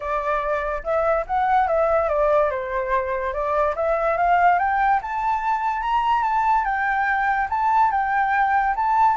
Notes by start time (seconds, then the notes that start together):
0.00 D5
0.83 E5
1.26 F#5
1.67 E5
2.09 D5
2.50 C5
3.33 D5
3.75 E5
4.17 F5
4.58 G5
5.02 A5
5.81 A#5
6.23 A5
6.64 G5
7.49 A5
7.91 G5
8.75 A5